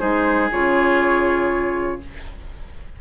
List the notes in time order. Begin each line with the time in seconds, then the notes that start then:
0.00 G#3 D#4 G#4 C5
0.52 C#3 F4 C#5